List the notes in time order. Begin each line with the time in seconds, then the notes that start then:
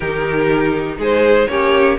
0.00 D#3 D#4 G4 A#4
0.97 G#3 G#4 C5
1.48 A#3 C#4 G4 C#5